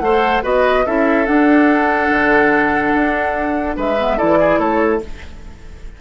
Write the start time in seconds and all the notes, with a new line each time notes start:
0.00 A3 A4 C5 F#5
0.43 B3 F#4 B4 D#5
0.87 C#4 E4 A4 E5
1.26 D4 F#5
2.11 D3
2.95 D4
3.77 G#3 B4 E5
3.98 B3
4.18 E3 E4 A4 D5
4.40 G#4
4.58 A3 A4 C#5